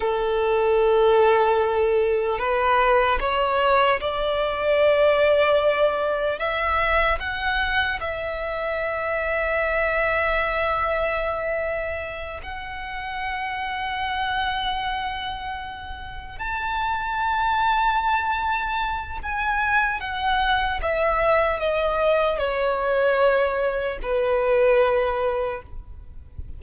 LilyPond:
\new Staff \with { instrumentName = "violin" } { \time 4/4 \tempo 4 = 75 a'2. b'4 | cis''4 d''2. | e''4 fis''4 e''2~ | e''2.~ e''8 fis''8~ |
fis''1~ | fis''8 a''2.~ a''8 | gis''4 fis''4 e''4 dis''4 | cis''2 b'2 | }